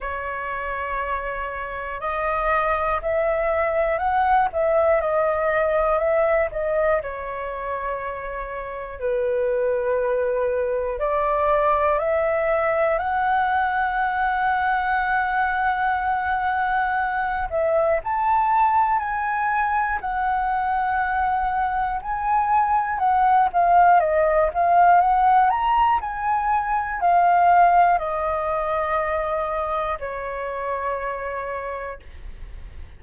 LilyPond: \new Staff \with { instrumentName = "flute" } { \time 4/4 \tempo 4 = 60 cis''2 dis''4 e''4 | fis''8 e''8 dis''4 e''8 dis''8 cis''4~ | cis''4 b'2 d''4 | e''4 fis''2.~ |
fis''4. e''8 a''4 gis''4 | fis''2 gis''4 fis''8 f''8 | dis''8 f''8 fis''8 ais''8 gis''4 f''4 | dis''2 cis''2 | }